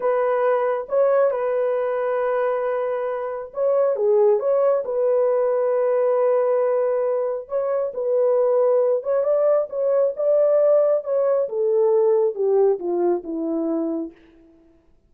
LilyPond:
\new Staff \with { instrumentName = "horn" } { \time 4/4 \tempo 4 = 136 b'2 cis''4 b'4~ | b'1 | cis''4 gis'4 cis''4 b'4~ | b'1~ |
b'4 cis''4 b'2~ | b'8 cis''8 d''4 cis''4 d''4~ | d''4 cis''4 a'2 | g'4 f'4 e'2 | }